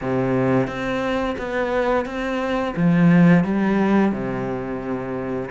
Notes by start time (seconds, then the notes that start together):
0.01 C3
0.67 C4
1.38 B3
2.05 C4
2.76 F3
3.44 G3
4.12 C3